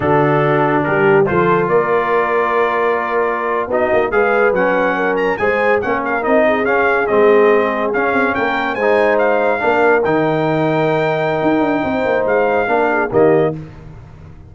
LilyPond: <<
  \new Staff \with { instrumentName = "trumpet" } { \time 4/4 \tempo 4 = 142 a'2 ais'4 c''4 | d''1~ | d''8. dis''4 f''4 fis''4~ fis''16~ | fis''16 ais''8 gis''4 fis''8 f''8 dis''4 f''16~ |
f''8. dis''2 f''4 g''16~ | g''8. gis''4 f''2 g''16~ | g''1~ | g''4 f''2 dis''4 | }
  \new Staff \with { instrumentName = "horn" } { \time 4/4 fis'2 g'4 a'4 | ais'1~ | ais'8. fis'4 b'2 ais'16~ | ais'8. c''4 ais'4. gis'8.~ |
gis'2.~ gis'8. ais'16~ | ais'8. c''2 ais'4~ ais'16~ | ais'1 | c''2 ais'8 gis'8 g'4 | }
  \new Staff \with { instrumentName = "trombone" } { \time 4/4 d'2. f'4~ | f'1~ | f'8. dis'4 gis'4 cis'4~ cis'16~ | cis'8. gis'4 cis'4 dis'4 cis'16~ |
cis'8. c'2 cis'4~ cis'16~ | cis'8. dis'2 d'4 dis'16~ | dis'1~ | dis'2 d'4 ais4 | }
  \new Staff \with { instrumentName = "tuba" } { \time 4/4 d2 g4 f4 | ais1~ | ais8. b8 ais8 gis4 fis4~ fis16~ | fis8. gis4 ais4 c'4 cis'16~ |
cis'8. gis2 cis'8 c'8 ais16~ | ais8. gis2 ais4 dis16~ | dis2. dis'8 d'8 | c'8 ais8 gis4 ais4 dis4 | }
>>